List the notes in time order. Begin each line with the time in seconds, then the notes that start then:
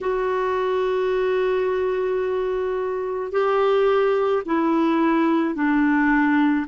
0.01 F#4
3.31 G4
4.45 E4
5.55 D4